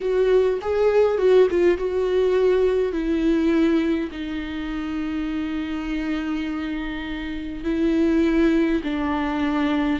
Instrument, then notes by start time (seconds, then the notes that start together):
viola
0.01 F#4
0.61 G#4
1.18 F#4
1.50 F4
1.77 F#4
2.92 E4
4.11 D#4
7.64 E4
8.83 D4